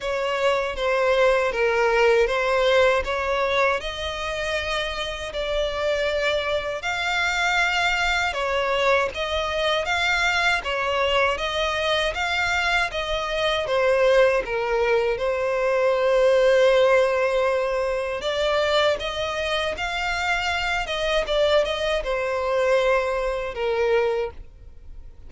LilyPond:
\new Staff \with { instrumentName = "violin" } { \time 4/4 \tempo 4 = 79 cis''4 c''4 ais'4 c''4 | cis''4 dis''2 d''4~ | d''4 f''2 cis''4 | dis''4 f''4 cis''4 dis''4 |
f''4 dis''4 c''4 ais'4 | c''1 | d''4 dis''4 f''4. dis''8 | d''8 dis''8 c''2 ais'4 | }